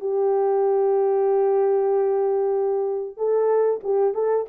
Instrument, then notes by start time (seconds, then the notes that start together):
horn
0.00 G4
3.17 A4
3.83 G4
4.14 A4